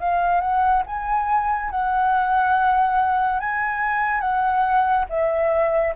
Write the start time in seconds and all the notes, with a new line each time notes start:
0.00 F5
0.40 F#5
0.86 G#5
1.71 F#5
3.40 G#5
4.21 F#5
5.09 E5